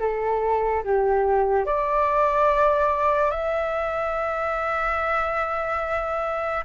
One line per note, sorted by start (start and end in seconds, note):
0.00 0.83 A4
0.84 1.66 G4
1.66 3.31 D5
3.31 6.64 E5